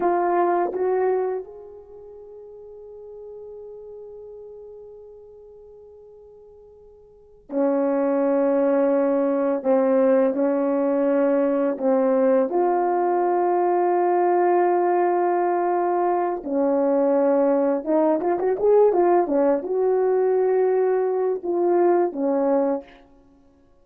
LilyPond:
\new Staff \with { instrumentName = "horn" } { \time 4/4 \tempo 4 = 84 f'4 fis'4 gis'2~ | gis'1~ | gis'2~ gis'8 cis'4.~ | cis'4. c'4 cis'4.~ |
cis'8 c'4 f'2~ f'8~ | f'2. cis'4~ | cis'4 dis'8 f'16 fis'16 gis'8 f'8 cis'8 fis'8~ | fis'2 f'4 cis'4 | }